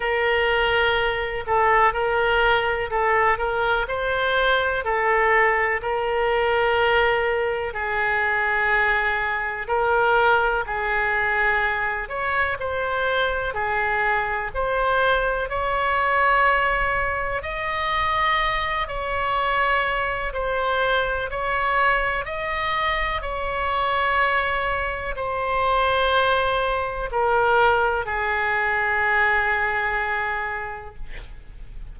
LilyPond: \new Staff \with { instrumentName = "oboe" } { \time 4/4 \tempo 4 = 62 ais'4. a'8 ais'4 a'8 ais'8 | c''4 a'4 ais'2 | gis'2 ais'4 gis'4~ | gis'8 cis''8 c''4 gis'4 c''4 |
cis''2 dis''4. cis''8~ | cis''4 c''4 cis''4 dis''4 | cis''2 c''2 | ais'4 gis'2. | }